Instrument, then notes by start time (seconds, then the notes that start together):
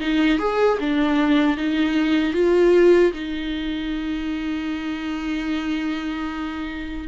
viola
0.00 D#4
0.38 G#4
0.80 D4
1.57 D#4
2.33 F4
3.13 D#4